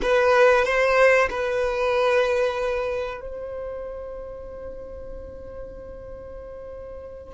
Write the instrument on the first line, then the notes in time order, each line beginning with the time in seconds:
violin
0.01 B4
0.64 C5
1.30 B4
3.21 C5